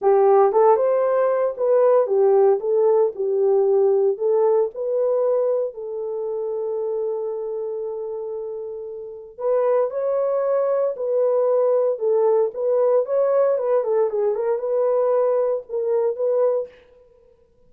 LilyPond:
\new Staff \with { instrumentName = "horn" } { \time 4/4 \tempo 4 = 115 g'4 a'8 c''4. b'4 | g'4 a'4 g'2 | a'4 b'2 a'4~ | a'1~ |
a'2 b'4 cis''4~ | cis''4 b'2 a'4 | b'4 cis''4 b'8 a'8 gis'8 ais'8 | b'2 ais'4 b'4 | }